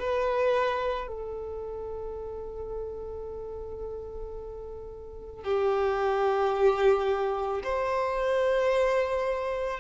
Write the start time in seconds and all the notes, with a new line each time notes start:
0.00 B4
1.08 A4
5.44 G4
7.64 C5